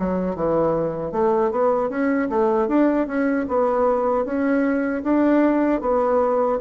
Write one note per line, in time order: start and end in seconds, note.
0.00 0.36 F#3
0.36 1.12 E3
1.12 1.51 A3
1.52 1.90 B3
1.90 2.29 C#4
2.30 2.68 A3
2.68 3.07 D4
3.07 3.47 C#4
3.49 4.25 B3
4.25 5.03 C#4
5.04 5.82 D4
5.82 6.60 B3